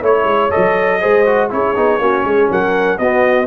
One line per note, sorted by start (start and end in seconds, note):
0.00 0.24 A3
0.00 0.50 E4
0.00 0.99 C#5
0.00 0.51 C#5
0.24 0.49 G#3
0.50 1.04 F#3
0.50 1.00 A4
0.50 1.50 D#5
1.00 1.52 G#3
1.00 1.25 G#4
1.00 1.51 C5
1.25 1.50 F#4
1.50 1.77 C#4
1.50 1.74 E4
1.50 2.01 G#4
1.50 2.51 C#5
1.76 1.99 B3
1.76 2.00 D#4
1.99 2.24 A#3
1.99 2.99 C#4
1.99 2.25 F#4
2.24 2.49 G#3
2.24 2.50 G#4
2.50 2.99 F#3
2.50 2.99 A#4
2.50 2.98 F#5
2.98 3.47 B3
2.98 3.47 F#4
2.98 3.47 D#5